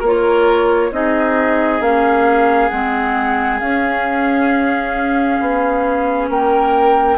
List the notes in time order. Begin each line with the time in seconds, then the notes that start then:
0.00 A#3 F4 A#4 C#5
0.92 C4 D#4 G#4 D#5
1.80 A#3 C#4 F5
2.70 G#3 C4 F#5
3.59 C#4 F5
5.40 B3
6.29 A#3 A#4 G5